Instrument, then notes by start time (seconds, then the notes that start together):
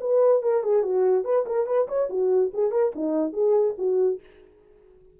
horn
0.00 B4
0.42 A#4
0.63 G#4
0.83 F#4
1.24 B4
1.46 A#4
1.66 B4
1.88 C#5
2.10 F#4
2.53 G#4
2.71 A#4
2.95 D#4
3.33 G#4
3.78 F#4